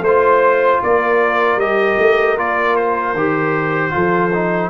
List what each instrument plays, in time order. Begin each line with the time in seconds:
0.00 tuba A3, horn C5, trumpet C5
0.07 trombone F4
0.82 tuba A#3, horn A#4, trumpet D5
1.56 tuba G3, trombone G4, trumpet D#5
1.98 tuba A3
2.37 tuba A#3, trombone F4, trumpet D5
2.75 trumpet C5
3.13 tuba D#3, trombone G4
3.90 tuba F3, trombone F4, horn A4
4.33 trombone D#4